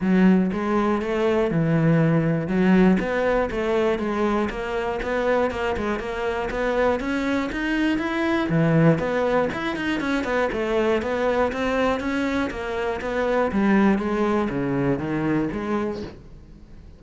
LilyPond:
\new Staff \with { instrumentName = "cello" } { \time 4/4 \tempo 4 = 120 fis4 gis4 a4 e4~ | e4 fis4 b4 a4 | gis4 ais4 b4 ais8 gis8 | ais4 b4 cis'4 dis'4 |
e'4 e4 b4 e'8 dis'8 | cis'8 b8 a4 b4 c'4 | cis'4 ais4 b4 g4 | gis4 cis4 dis4 gis4 | }